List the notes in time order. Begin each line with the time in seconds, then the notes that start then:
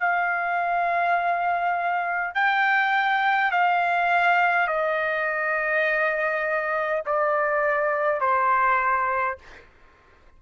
0.00 F5
2.35 G5
3.51 F5
4.67 D#5
7.06 D5
8.20 C5